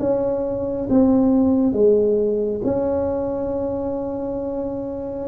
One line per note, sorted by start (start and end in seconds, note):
0.00 0.88 C#4
0.90 1.73 C4
1.73 2.61 G#3
2.64 5.28 C#4